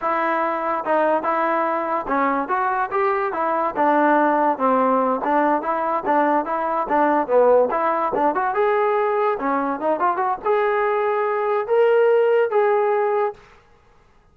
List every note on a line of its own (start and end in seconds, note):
0.01 0.84 E4
0.84 1.22 D#4
1.22 2.06 E4
2.07 2.48 C#4
2.48 2.90 F#4
2.91 3.33 G4
3.33 3.74 E4
3.76 4.58 D4
4.58 5.20 C4
5.23 5.62 D4
5.62 6.03 E4
6.05 6.45 D4
6.45 6.87 E4
6.88 7.27 D4
7.27 7.69 B3
7.70 8.12 E4
8.15 8.34 D4
8.34 8.54 F#4
8.54 9.37 G#4
9.39 9.80 C#4
9.80 9.99 D#4
9.99 10.16 F4
10.16 10.37 F#4
10.44 11.67 G#4
11.67 12.50 A#4
12.50 13.33 G#4